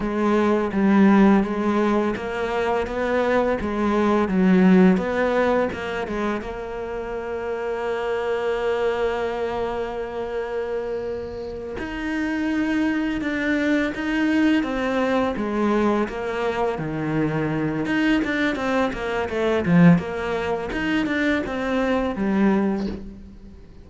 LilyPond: \new Staff \with { instrumentName = "cello" } { \time 4/4 \tempo 4 = 84 gis4 g4 gis4 ais4 | b4 gis4 fis4 b4 | ais8 gis8 ais2.~ | ais1~ |
ais8 dis'2 d'4 dis'8~ | dis'8 c'4 gis4 ais4 dis8~ | dis4 dis'8 d'8 c'8 ais8 a8 f8 | ais4 dis'8 d'8 c'4 g4 | }